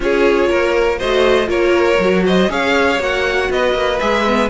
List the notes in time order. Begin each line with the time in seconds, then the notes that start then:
0.00 C#4 F4 G#4 C#5
0.48 A#3 A#4
0.98 A3 F#4 C5 D#5
1.46 A#3 F4 A#4 C#5
1.99 F#3 F#4
2.25 C5 D#5
2.49 C#4 G#4 C#5 F5
2.98 A#3 F#4 F#5
3.49 B3 B4 D#5
3.74 A#3
3.99 G#3 G#4 E5
4.26 B3